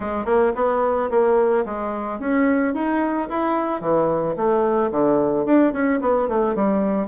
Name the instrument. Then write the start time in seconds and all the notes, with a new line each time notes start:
bassoon
0.00 G#3
0.25 A#3
0.55 B3
1.10 A#3
1.65 G#3
2.19 C#4
2.74 D#4
3.29 E4
3.81 E3
4.36 A3
4.91 D3
5.45 D4
5.72 C#4
6.00 B3
6.28 A3
6.55 G3